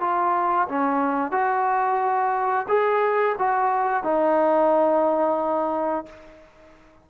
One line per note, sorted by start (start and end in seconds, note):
0.00 0.67 F4
0.68 1.31 C#4
1.31 2.66 F#4
2.68 3.36 G#4
3.38 4.03 F#4
4.03 6.06 D#4